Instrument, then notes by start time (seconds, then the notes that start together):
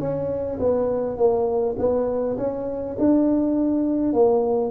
tuba
0.00 C#4
0.60 B3
1.17 A#3
1.78 B3
2.37 C#4
2.99 D4
4.13 A#3